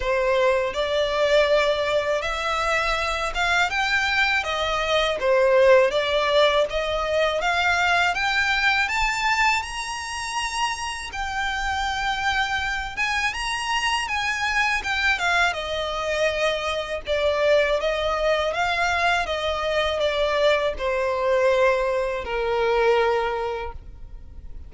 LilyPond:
\new Staff \with { instrumentName = "violin" } { \time 4/4 \tempo 4 = 81 c''4 d''2 e''4~ | e''8 f''8 g''4 dis''4 c''4 | d''4 dis''4 f''4 g''4 | a''4 ais''2 g''4~ |
g''4. gis''8 ais''4 gis''4 | g''8 f''8 dis''2 d''4 | dis''4 f''4 dis''4 d''4 | c''2 ais'2 | }